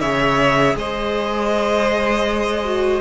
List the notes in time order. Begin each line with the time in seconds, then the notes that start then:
0.00 C#3 G#4 C#5 E5
0.75 G#3 C5 D#5
2.64 F#4